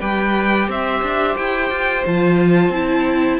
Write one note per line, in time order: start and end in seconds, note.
0.00 0.68 G3
0.00 2.05 G4
0.00 0.68 B4
0.00 0.69 G5
0.68 1.02 C4
0.68 3.39 C5
0.68 1.36 E5
1.02 1.36 D4
1.36 1.70 E4
1.36 2.05 G5
1.70 2.04 F4
2.06 2.69 F3
2.06 2.74 F4
2.06 3.39 A5
2.69 3.38 C4
2.69 3.39 E4